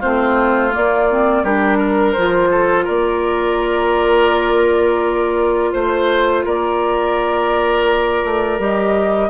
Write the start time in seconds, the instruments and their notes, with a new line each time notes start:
0.00 bassoon A3, clarinet C4, oboe F4, flute C5
0.71 clarinet A#3, bassoon A#3, flute D5
1.11 clarinet C4
1.44 bassoon G3, clarinet D4, oboe G4, flute A#4
1.78 oboe A#4
2.13 bassoon F3, clarinet F4, flute C5
2.52 oboe A4
2.85 bassoon A#3, oboe A#4, flute D5
5.73 bassoon A3, flute C5, oboe C5
6.45 bassoon A#3, oboe A#4, flute D5
8.25 bassoon A3
8.59 bassoon G3, clarinet G4, flute D#5